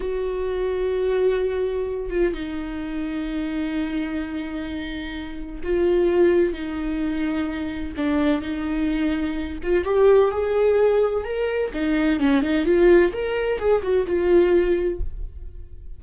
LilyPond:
\new Staff \with { instrumentName = "viola" } { \time 4/4 \tempo 4 = 128 fis'1~ | fis'8 f'8 dis'2.~ | dis'1 | f'2 dis'2~ |
dis'4 d'4 dis'2~ | dis'8 f'8 g'4 gis'2 | ais'4 dis'4 cis'8 dis'8 f'4 | ais'4 gis'8 fis'8 f'2 | }